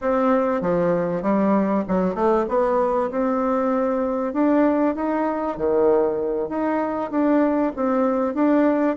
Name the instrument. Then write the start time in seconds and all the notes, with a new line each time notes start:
bassoon
0.01 C4
0.61 F3
1.22 G3
1.88 F#3
2.15 A3
2.48 B3
3.10 C4
4.33 D4
4.95 D#4
5.57 D#3
6.49 D#4
7.10 D4
7.76 C4
8.34 D4